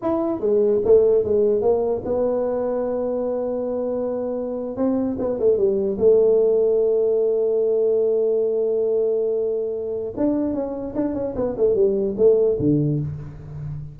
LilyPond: \new Staff \with { instrumentName = "tuba" } { \time 4/4 \tempo 4 = 148 e'4 gis4 a4 gis4 | ais4 b2.~ | b2.~ b8. c'16~ | c'8. b8 a8 g4 a4~ a16~ |
a1~ | a1~ | a4 d'4 cis'4 d'8 cis'8 | b8 a8 g4 a4 d4 | }